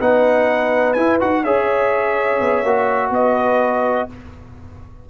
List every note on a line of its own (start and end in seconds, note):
0.00 0.96 B3
0.00 0.96 D#4
0.00 1.43 B4
0.00 0.93 F#5
0.93 1.20 E4
0.93 1.17 G#5
1.20 1.44 D#4
1.20 1.44 F#4
1.20 1.44 F#5
1.43 2.40 C#4
1.43 2.65 G#4
1.43 3.11 C#5
1.43 3.12 E5
2.40 2.63 B3
2.63 3.10 A#3
2.63 4.09 F#4
3.10 4.06 B3
3.10 4.09 B4
3.10 4.10 D#5